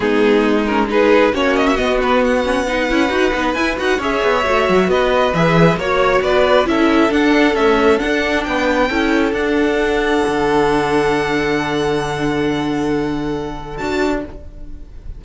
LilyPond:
<<
  \new Staff \with { instrumentName = "violin" } { \time 4/4 \tempo 4 = 135 gis'4. ais'8 b'4 cis''8 dis''16 e''16 | dis''8 b'8 fis''2. | gis''8 fis''8 e''2 dis''4 | e''4 cis''4 d''4 e''4 |
fis''4 e''4 fis''4 g''4~ | g''4 fis''2.~ | fis''1~ | fis''2. a''4 | }
  \new Staff \with { instrumentName = "violin" } { \time 4/4 dis'2 gis'4 fis'4~ | fis'2 b'2~ | b'4 cis''2 b'4~ | b'4 cis''4 b'4 a'4~ |
a'2. b'4 | a'1~ | a'1~ | a'1 | }
  \new Staff \with { instrumentName = "viola" } { \time 4/4 b4. cis'8 dis'4 cis'4 | b4. cis'8 dis'8 e'8 fis'8 dis'8 | e'8 fis'8 gis'4 fis'2 | gis'4 fis'2 e'4 |
d'4 a4 d'2 | e'4 d'2.~ | d'1~ | d'2. fis'4 | }
  \new Staff \with { instrumentName = "cello" } { \time 4/4 gis2. ais4 | b2~ b8 cis'8 dis'8 b8 | e'8 dis'8 cis'8 b8 a8 fis8 b4 | e4 ais4 b4 cis'4 |
d'4 cis'4 d'4 b4 | cis'4 d'2 d4~ | d1~ | d2. d'4 | }
>>